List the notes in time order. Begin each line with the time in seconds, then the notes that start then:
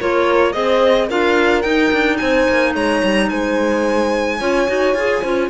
0.00 A#3 F4 A#4 C#5
0.53 C4 G#4 C5 D#5
1.09 D4 F4 A#4 F5
1.62 D#4 G5
1.93 D4
2.18 C4 C5 G#5
2.49 A#3
2.73 G#3 C#5 A#5
3.04 G3
3.30 G#3 C5 G#5
4.39 C#4 F4 C#5
4.68 D#4 F#4
4.95 F4 G#4
5.22 C#4 F4 C5